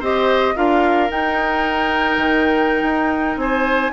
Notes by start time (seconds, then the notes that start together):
0.00 C4 G4 C5 D#5
0.56 D4 F4 A#4 F5
1.10 D#4 G5
2.17 D#3
2.83 D#4
3.37 C4 C5 G#5